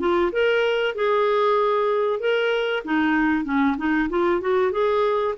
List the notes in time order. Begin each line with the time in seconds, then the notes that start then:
0.00 F4
0.32 A#4
0.95 G#4
2.20 A#4
2.85 D#4
3.45 C#4
3.78 D#4
4.10 F4
4.41 F#4
4.72 G#4